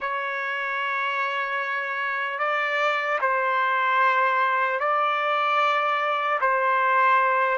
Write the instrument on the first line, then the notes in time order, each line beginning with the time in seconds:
trumpet
0.00 C#5
2.39 D5
3.21 C5
4.79 D5
6.40 C5